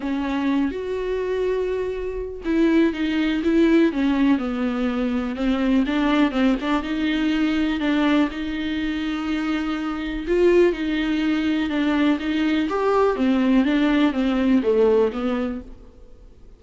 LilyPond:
\new Staff \with { instrumentName = "viola" } { \time 4/4 \tempo 4 = 123 cis'4. fis'2~ fis'8~ | fis'4 e'4 dis'4 e'4 | cis'4 b2 c'4 | d'4 c'8 d'8 dis'2 |
d'4 dis'2.~ | dis'4 f'4 dis'2 | d'4 dis'4 g'4 c'4 | d'4 c'4 a4 b4 | }